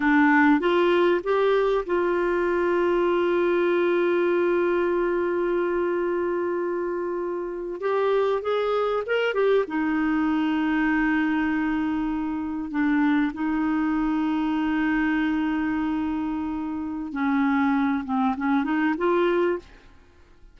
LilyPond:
\new Staff \with { instrumentName = "clarinet" } { \time 4/4 \tempo 4 = 98 d'4 f'4 g'4 f'4~ | f'1~ | f'1~ | f'8. g'4 gis'4 ais'8 g'8 dis'16~ |
dis'1~ | dis'8. d'4 dis'2~ dis'16~ | dis'1 | cis'4. c'8 cis'8 dis'8 f'4 | }